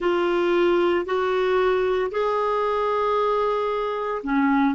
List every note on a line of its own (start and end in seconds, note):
0.00 1.05 F4
1.05 2.11 F#4
2.11 4.22 G#4
4.23 4.74 C#4